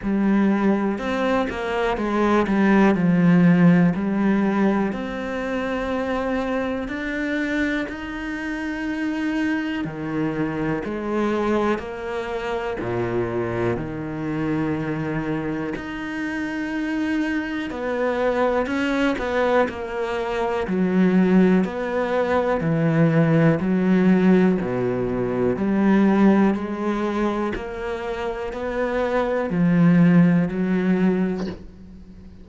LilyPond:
\new Staff \with { instrumentName = "cello" } { \time 4/4 \tempo 4 = 61 g4 c'8 ais8 gis8 g8 f4 | g4 c'2 d'4 | dis'2 dis4 gis4 | ais4 ais,4 dis2 |
dis'2 b4 cis'8 b8 | ais4 fis4 b4 e4 | fis4 b,4 g4 gis4 | ais4 b4 f4 fis4 | }